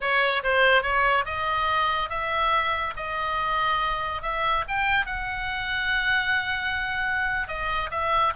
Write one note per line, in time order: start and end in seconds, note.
0.00 0.42 C#5
0.43 0.82 C5
0.82 1.24 C#5
1.25 2.09 D#5
2.09 2.94 E5
2.96 4.22 D#5
4.22 4.64 E5
4.67 5.06 G5
5.06 7.48 F#5
7.48 7.90 D#5
7.90 8.33 E5